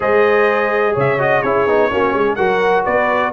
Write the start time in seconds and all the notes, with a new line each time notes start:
0.00 G#3 G#4 C5 D#5
0.93 C#3 C#5 E5
1.18 F#4 D#5
1.42 C#4 E4 G#4 C#5
1.66 B3 D#4
1.90 A#3 C#4 F#4
2.14 G#3 G#4
2.35 F#3 F#4 A#4 F#5
2.84 B3 B4 D5